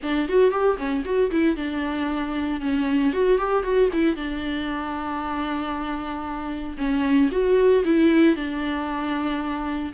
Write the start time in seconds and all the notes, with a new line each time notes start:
0.02 D4
0.28 F#4
0.51 G4
0.77 C#4
1.04 F#4
1.31 E4
1.56 D4
2.60 C#4
3.13 F#4
3.37 G4
3.63 F#4
3.92 E4
4.15 D4
6.77 C#4
7.31 F#4
7.85 E4
8.35 D4